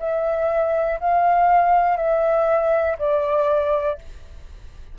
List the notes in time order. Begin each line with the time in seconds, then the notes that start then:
0.00 E5
1.00 F5
1.97 E5
2.99 D5